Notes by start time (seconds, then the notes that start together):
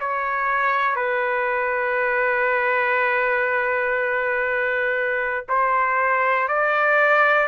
0.00 C#5
0.96 B4
5.49 C5
6.48 D5